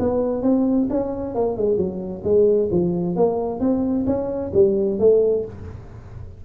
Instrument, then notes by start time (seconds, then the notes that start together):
tuba
0.00 B3
0.43 C4
0.90 C#4
1.35 A#3
1.57 G#3
1.77 F#3
2.24 G#3
2.71 F3
3.17 A#3
3.61 C4
4.07 C#4
4.54 G3
5.00 A3